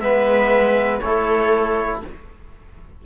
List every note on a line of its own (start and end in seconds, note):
0.00 1.01 G#3
0.00 1.02 B3
0.00 1.03 B4
0.00 1.00 E5
1.00 2.02 A3
1.00 2.05 E4
1.00 2.06 A4
1.00 2.00 C#5